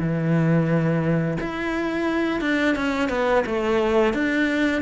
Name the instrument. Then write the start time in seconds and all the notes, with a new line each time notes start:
cello
0.00 E3
1.41 E4
2.41 D4
2.76 C#4
3.09 B3
3.46 A3
4.14 D4